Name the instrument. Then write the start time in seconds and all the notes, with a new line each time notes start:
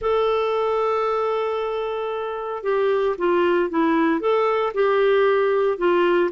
clarinet
0.01 A4
2.63 G4
3.17 F4
3.70 E4
4.20 A4
4.73 G4
5.78 F4